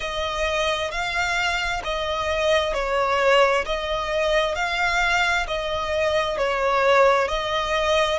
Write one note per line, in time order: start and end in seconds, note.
0.00 0.91 D#5
0.91 1.82 F5
1.83 2.73 D#5
2.73 3.64 C#5
3.65 4.55 D#5
4.55 5.46 F5
5.47 6.37 D#5
6.37 7.28 C#5
7.28 8.19 D#5